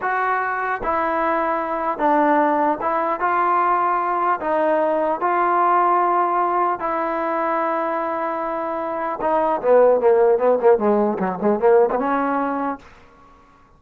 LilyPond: \new Staff \with { instrumentName = "trombone" } { \time 4/4 \tempo 4 = 150 fis'2 e'2~ | e'4 d'2 e'4 | f'2. dis'4~ | dis'4 f'2.~ |
f'4 e'2.~ | e'2. dis'4 | b4 ais4 b8 ais8 gis4 | fis8 gis8 ais8. b16 cis'2 | }